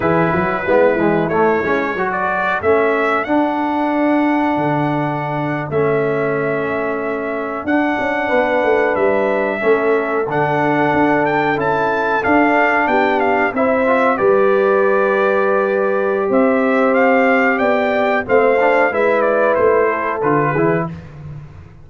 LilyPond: <<
  \new Staff \with { instrumentName = "trumpet" } { \time 4/4 \tempo 4 = 92 b'2 cis''4~ cis''16 d''8. | e''4 fis''2.~ | fis''8. e''2. fis''16~ | fis''4.~ fis''16 e''2 fis''16~ |
fis''4~ fis''16 g''8 a''4 f''4 g''16~ | g''16 f''8 e''4 d''2~ d''16~ | d''4 e''4 f''4 g''4 | f''4 e''8 d''8 c''4 b'4 | }
  \new Staff \with { instrumentName = "horn" } { \time 4/4 gis'8 fis'8 e'2 a'4~ | a'1~ | a'1~ | a'8. b'2 a'4~ a'16~ |
a'2.~ a'8. g'16~ | g'8. c''4 b'2~ b'16~ | b'4 c''2 d''4 | c''4 b'4. a'4 gis'8 | }
  \new Staff \with { instrumentName = "trombone" } { \time 4/4 e'4 b8 gis8 a8 cis'8 fis'4 | cis'4 d'2.~ | d'8. cis'2. d'16~ | d'2~ d'8. cis'4 d'16~ |
d'4.~ d'16 e'4 d'4~ d'16~ | d'8. e'8 f'8 g'2~ g'16~ | g'1 | c'8 d'8 e'2 f'8 e'8 | }
  \new Staff \with { instrumentName = "tuba" } { \time 4/4 e8 fis8 gis8 e8 a8 gis8 fis4 | a4 d'2 d4~ | d8. a2. d'16~ | d'16 cis'8 b8 a8 g4 a4 d16~ |
d8. d'4 cis'4 d'4 b16~ | b8. c'4 g2~ g16~ | g4 c'2 b4 | a4 gis4 a4 d8 e8 | }
>>